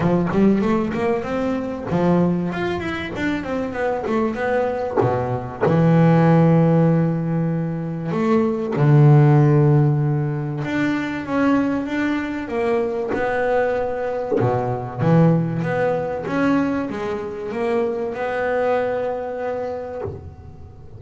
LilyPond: \new Staff \with { instrumentName = "double bass" } { \time 4/4 \tempo 4 = 96 f8 g8 a8 ais8 c'4 f4 | f'8 e'8 d'8 c'8 b8 a8 b4 | b,4 e2.~ | e4 a4 d2~ |
d4 d'4 cis'4 d'4 | ais4 b2 b,4 | e4 b4 cis'4 gis4 | ais4 b2. | }